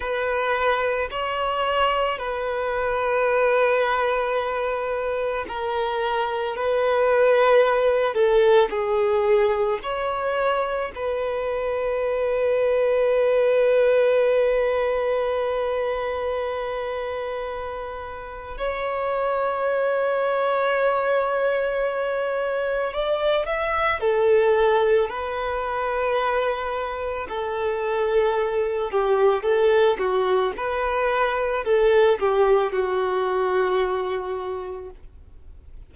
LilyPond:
\new Staff \with { instrumentName = "violin" } { \time 4/4 \tempo 4 = 55 b'4 cis''4 b'2~ | b'4 ais'4 b'4. a'8 | gis'4 cis''4 b'2~ | b'1~ |
b'4 cis''2.~ | cis''4 d''8 e''8 a'4 b'4~ | b'4 a'4. g'8 a'8 fis'8 | b'4 a'8 g'8 fis'2 | }